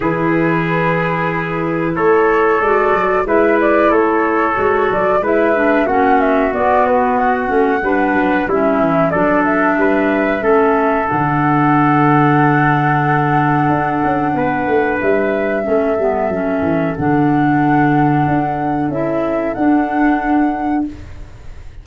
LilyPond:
<<
  \new Staff \with { instrumentName = "flute" } { \time 4/4 \tempo 4 = 92 b'2. cis''4 | d''4 e''8 d''8 cis''4. d''8 | e''4 fis''8 e''8 d''8 b'8 fis''4~ | fis''4 e''4 d''8 e''4.~ |
e''4 fis''2.~ | fis''2. e''4~ | e''2 fis''2~ | fis''4 e''4 fis''2 | }
  \new Staff \with { instrumentName = "trumpet" } { \time 4/4 gis'2. a'4~ | a'4 b'4 a'2 | b'4 fis'2. | b'4 e'4 a'4 b'4 |
a'1~ | a'2 b'2 | a'1~ | a'1 | }
  \new Staff \with { instrumentName = "clarinet" } { \time 4/4 e'1 | fis'4 e'2 fis'4 | e'8 d'8 cis'4 b4. cis'8 | d'4 cis'4 d'2 |
cis'4 d'2.~ | d'1 | cis'8 b8 cis'4 d'2~ | d'4 e'4 d'2 | }
  \new Staff \with { instrumentName = "tuba" } { \time 4/4 e2. a4 | gis8 fis8 gis4 a4 gis8 fis8 | gis4 ais4 b4. a8 | g8 fis8 g8 e8 fis4 g4 |
a4 d2.~ | d4 d'8 cis'8 b8 a8 g4 | a8 g8 fis8 e8 d2 | d'4 cis'4 d'2 | }
>>